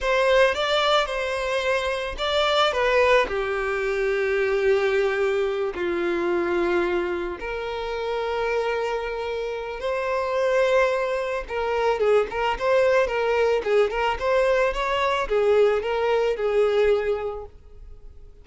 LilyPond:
\new Staff \with { instrumentName = "violin" } { \time 4/4 \tempo 4 = 110 c''4 d''4 c''2 | d''4 b'4 g'2~ | g'2~ g'8 f'4.~ | f'4. ais'2~ ais'8~ |
ais'2 c''2~ | c''4 ais'4 gis'8 ais'8 c''4 | ais'4 gis'8 ais'8 c''4 cis''4 | gis'4 ais'4 gis'2 | }